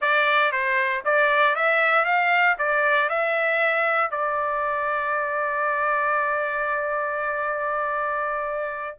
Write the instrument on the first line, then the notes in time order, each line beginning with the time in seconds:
trumpet
0.01 D5
0.52 C5
1.04 D5
1.55 E5
2.05 F5
2.58 D5
3.09 E5
4.10 D5